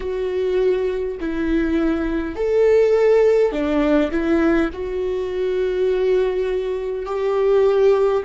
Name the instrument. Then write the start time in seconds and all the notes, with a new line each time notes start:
viola
0.00 F#4
1.20 E4
2.35 A4
3.52 D4
4.11 E4
4.73 F#4
7.05 G4